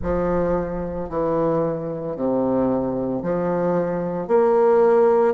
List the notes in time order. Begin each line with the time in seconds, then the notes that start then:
0.02 F3
1.09 E3
2.16 C3
3.22 F3
4.27 A#3